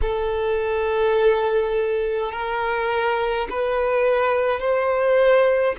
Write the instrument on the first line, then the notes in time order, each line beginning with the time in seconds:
violin
0.01 A4
2.32 A#4
3.49 B4
4.59 C5